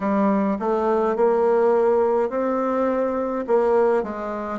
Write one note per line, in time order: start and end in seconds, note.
0.00 0.58 G3
0.59 1.15 A3
1.15 2.29 A#3
2.29 3.45 C4
3.47 4.03 A#3
4.03 4.59 G#3